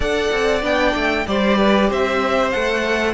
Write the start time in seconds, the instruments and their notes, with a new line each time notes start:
0.00 cello D4, viola A4, violin D5 F#5
0.31 cello C4
0.61 cello B3, viola D4, violin G5
0.94 cello A3
1.26 cello G3, viola G4, violin C5 D5
1.58 violin B4
1.89 cello C4, violin C5 E5
2.50 cello A3, viola A4, violin F#5